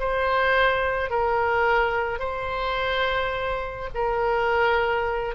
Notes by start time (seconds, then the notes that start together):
0.00 C5
1.10 A#4
2.20 C5
3.95 A#4